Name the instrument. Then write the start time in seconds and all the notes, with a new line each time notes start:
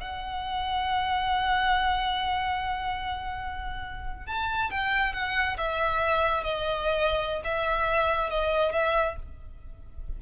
violin
0.00 F#5
4.27 A5
4.71 G5
5.13 F#5
5.58 E5
6.44 D#5
7.44 E5
8.30 D#5
8.72 E5